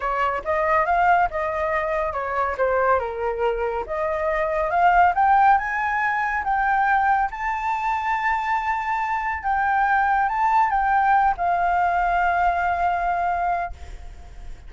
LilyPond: \new Staff \with { instrumentName = "flute" } { \time 4/4 \tempo 4 = 140 cis''4 dis''4 f''4 dis''4~ | dis''4 cis''4 c''4 ais'4~ | ais'4 dis''2 f''4 | g''4 gis''2 g''4~ |
g''4 a''2.~ | a''2 g''2 | a''4 g''4. f''4.~ | f''1 | }